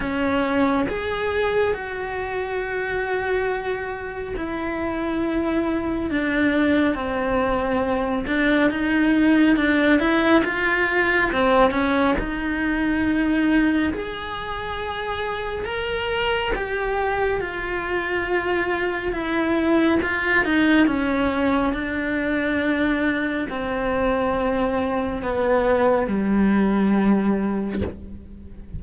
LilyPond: \new Staff \with { instrumentName = "cello" } { \time 4/4 \tempo 4 = 69 cis'4 gis'4 fis'2~ | fis'4 e'2 d'4 | c'4. d'8 dis'4 d'8 e'8 | f'4 c'8 cis'8 dis'2 |
gis'2 ais'4 g'4 | f'2 e'4 f'8 dis'8 | cis'4 d'2 c'4~ | c'4 b4 g2 | }